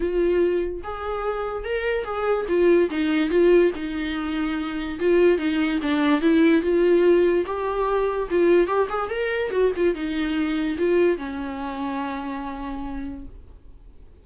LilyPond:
\new Staff \with { instrumentName = "viola" } { \time 4/4 \tempo 4 = 145 f'2 gis'2 | ais'4 gis'4 f'4 dis'4 | f'4 dis'2. | f'4 dis'4 d'4 e'4 |
f'2 g'2 | f'4 g'8 gis'8 ais'4 fis'8 f'8 | dis'2 f'4 cis'4~ | cis'1 | }